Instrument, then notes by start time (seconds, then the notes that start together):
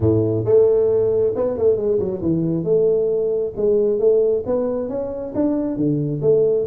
tuba
0.00 A2
0.44 A3
1.35 B3
1.57 A3
1.76 G#3
1.99 F#3
2.21 E3
2.63 A3
3.56 G#3
3.99 A3
4.46 B3
4.88 C#4
5.34 D4
5.76 D3
6.21 A3